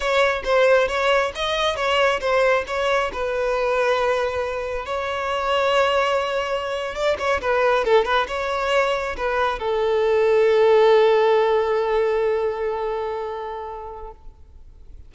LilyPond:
\new Staff \with { instrumentName = "violin" } { \time 4/4 \tempo 4 = 136 cis''4 c''4 cis''4 dis''4 | cis''4 c''4 cis''4 b'4~ | b'2. cis''4~ | cis''2.~ cis''8. d''16~ |
d''16 cis''8 b'4 a'8 b'8 cis''4~ cis''16~ | cis''8. b'4 a'2~ a'16~ | a'1~ | a'1 | }